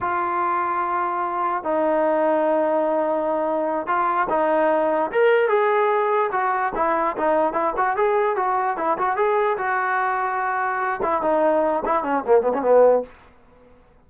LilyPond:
\new Staff \with { instrumentName = "trombone" } { \time 4/4 \tempo 4 = 147 f'1 | dis'1~ | dis'4. f'4 dis'4.~ | dis'8 ais'4 gis'2 fis'8~ |
fis'8 e'4 dis'4 e'8 fis'8 gis'8~ | gis'8 fis'4 e'8 fis'8 gis'4 fis'8~ | fis'2. e'8 dis'8~ | dis'4 e'8 cis'8 ais8 b16 cis'16 b4 | }